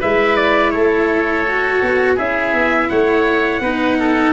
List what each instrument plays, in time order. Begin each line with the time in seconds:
0.00 tuba G#3, cello E4, oboe B4, trumpet E5
0.37 trumpet D5
0.71 tuba A3, oboe A4, trumpet C#5
1.48 cello F#4
1.82 tuba B3
2.16 tuba C#4, cello E4, oboe G#4, trumpet E5
2.54 tuba B3
2.90 tuba A3, oboe C#5, trumpet F#5
3.61 tuba B3, cello D#4, oboe B4
3.99 oboe A4